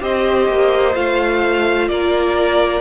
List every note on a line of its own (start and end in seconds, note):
0.00 0.49 C4
0.00 0.94 G4
0.00 1.90 C5
0.00 0.96 D#5
0.49 0.95 A#3
0.95 1.89 A3
0.95 2.81 F4
0.95 1.89 F5
1.89 2.81 A#3
1.89 2.81 A#4
1.89 2.81 D5